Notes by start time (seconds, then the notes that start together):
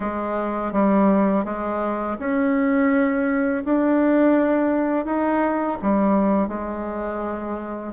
0.00 G#3
0.72 G3
1.45 G#3
2.19 C#4
3.64 D4
5.05 D#4
5.82 G3
6.48 G#3